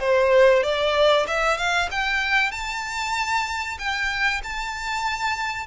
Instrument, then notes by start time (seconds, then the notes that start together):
violin
0.00 C5
0.63 D5
1.27 E5
1.58 F5
1.91 G5
2.51 A5
3.79 G5
4.44 A5